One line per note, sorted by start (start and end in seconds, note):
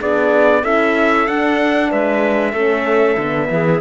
0.00 0.64 B3
0.00 0.64 D4
0.00 0.62 G#4
0.00 0.65 D5
0.62 1.28 C#4
0.62 1.27 E4
0.62 1.90 A4
0.62 1.28 E5
1.27 2.55 D4
1.27 1.92 D4
1.27 1.92 F#5
1.91 2.53 G#3
1.91 2.53 B4
1.91 3.81 E5
2.53 3.17 A3
2.53 3.18 C#4
2.53 3.48 A4
3.18 3.50 D3
3.18 3.81 B3
3.51 3.81 E3
3.51 3.81 G#4